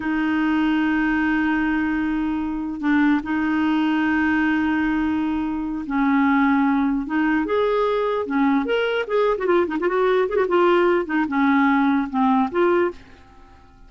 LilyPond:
\new Staff \with { instrumentName = "clarinet" } { \time 4/4 \tempo 4 = 149 dis'1~ | dis'2. d'4 | dis'1~ | dis'2~ dis'8 cis'4.~ |
cis'4. dis'4 gis'4.~ | gis'8 cis'4 ais'4 gis'8. fis'16 f'8 | dis'16 f'16 fis'4 gis'16 fis'16 f'4. dis'8 | cis'2 c'4 f'4 | }